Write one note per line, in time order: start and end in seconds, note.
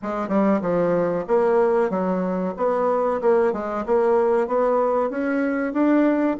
0.02 0.28 G#3
0.28 0.60 G3
0.61 1.24 F3
1.27 1.90 A#3
1.90 2.54 F#3
2.56 3.20 B3
3.21 3.53 A#3
3.53 3.84 G#3
3.86 4.47 A#3
4.47 5.09 B3
5.09 5.73 C#4
5.73 6.37 D4